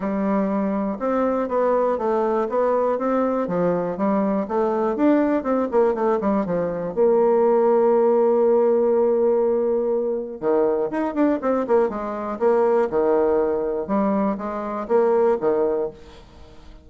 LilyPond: \new Staff \with { instrumentName = "bassoon" } { \time 4/4 \tempo 4 = 121 g2 c'4 b4 | a4 b4 c'4 f4 | g4 a4 d'4 c'8 ais8 | a8 g8 f4 ais2~ |
ais1~ | ais4 dis4 dis'8 d'8 c'8 ais8 | gis4 ais4 dis2 | g4 gis4 ais4 dis4 | }